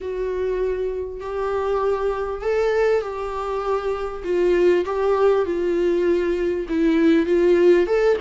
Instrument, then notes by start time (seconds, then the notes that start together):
viola
0.00 F#4
1.20 G4
2.41 A4
3.01 G4
4.24 F4
4.85 G4
5.45 F4
6.69 E4
7.26 F4
7.86 A4